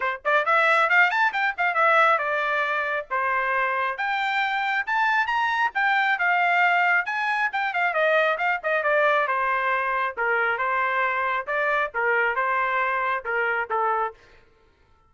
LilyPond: \new Staff \with { instrumentName = "trumpet" } { \time 4/4 \tempo 4 = 136 c''8 d''8 e''4 f''8 a''8 g''8 f''8 | e''4 d''2 c''4~ | c''4 g''2 a''4 | ais''4 g''4 f''2 |
gis''4 g''8 f''8 dis''4 f''8 dis''8 | d''4 c''2 ais'4 | c''2 d''4 ais'4 | c''2 ais'4 a'4 | }